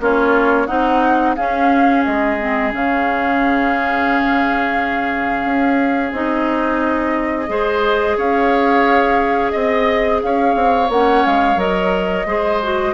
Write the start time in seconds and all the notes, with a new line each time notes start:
0.00 A#3 C#4 F4 C#5
0.67 C4 D#4 F#5
1.36 C#4 G#4 F5
2.04 G#3 D#5
2.39 C4
2.72 C#3 C#4 F5
5.45 C#4
6.12 C4 D#4 D#5
7.47 G#3 G#4 C5
8.17 C#4 C#5 F5
9.51 C4 D#5
10.23 C#4 C#5 F5
10.56 C4
10.89 A#3 C#4 F#5
11.26 G#3 F5
11.56 F#3 A#4 D#5
12.26 G#3 G#4 C5
12.63 F#4